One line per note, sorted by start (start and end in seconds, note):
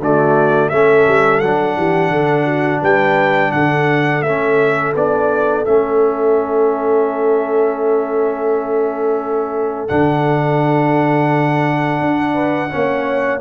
0.00 0.71 D3
0.00 0.72 A3
0.00 0.71 F#4
0.00 0.69 D5
0.69 1.07 A3
0.69 1.43 C#4
0.69 1.77 A4
0.69 1.40 E5
1.08 1.42 G3
1.40 1.77 F#3
1.40 4.26 D4
1.40 2.81 F#5
1.77 2.10 E3
1.77 2.12 G4
2.10 2.81 D3
2.10 2.45 A4
2.45 2.80 F#4
2.81 3.53 G3
2.81 3.52 B4
2.81 3.52 G5
3.52 4.22 D3
3.52 12.34 A4
3.52 4.22 F#5
4.22 4.93 A3
4.22 4.95 C#4
4.22 4.93 E5
4.95 5.66 B3
4.95 5.66 D4
4.95 5.65 D5
5.65 9.91 A3
5.65 9.89 C#4
5.65 9.88 E5
9.88 12.01 D3
9.88 12.70 D4
9.88 13.41 F#5
12.01 12.72 D4
12.34 12.69 B4
12.70 13.41 A#3
12.70 13.41 C#4
12.70 13.41 C#5